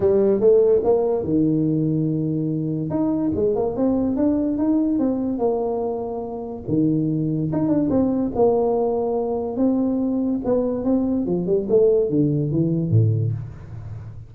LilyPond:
\new Staff \with { instrumentName = "tuba" } { \time 4/4 \tempo 4 = 144 g4 a4 ais4 dis4~ | dis2. dis'4 | gis8 ais8 c'4 d'4 dis'4 | c'4 ais2. |
dis2 dis'8 d'8 c'4 | ais2. c'4~ | c'4 b4 c'4 f8 g8 | a4 d4 e4 a,4 | }